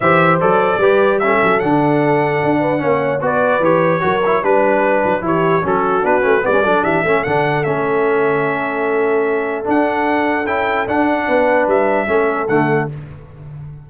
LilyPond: <<
  \new Staff \with { instrumentName = "trumpet" } { \time 4/4 \tempo 4 = 149 e''4 d''2 e''4 | fis''1 | d''4 cis''2 b'4~ | b'4 cis''4 a'4 b'4 |
d''4 e''4 fis''4 e''4~ | e''1 | fis''2 g''4 fis''4~ | fis''4 e''2 fis''4 | }
  \new Staff \with { instrumentName = "horn" } { \time 4/4 c''2 b'4 a'4~ | a'2~ a'8 b'8 cis''4 | b'2 ais'4 b'4~ | b'4 g'4 fis'2 |
b'8 a'8 g'8 a'2~ a'8~ | a'1~ | a'1 | b'2 a'2 | }
  \new Staff \with { instrumentName = "trombone" } { \time 4/4 g'4 a'4 g'4 cis'4 | d'2. cis'4 | fis'4 g'4 fis'8 e'8 d'4~ | d'4 e'4 cis'4 d'8 cis'8 |
b16 cis'16 d'4 cis'8 d'4 cis'4~ | cis'1 | d'2 e'4 d'4~ | d'2 cis'4 a4 | }
  \new Staff \with { instrumentName = "tuba" } { \time 4/4 e4 fis4 g4. fis8 | d2 d'4 ais4 | b4 e4 fis4 g4~ | g8 fis8 e4 fis4 b8 a8 |
g8 fis8 e8 a8 d4 a4~ | a1 | d'2 cis'4 d'4 | b4 g4 a4 d4 | }
>>